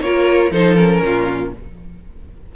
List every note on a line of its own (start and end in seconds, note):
0.00 0.51 A#3
0.00 0.51 F4
0.00 0.52 A#4
0.00 0.52 C#5
0.51 1.01 F3
0.51 0.77 D#4
0.51 1.03 A4
0.51 0.75 C5
0.75 1.53 C#4
0.75 1.51 A#4
1.01 1.52 A#2
1.01 1.55 F4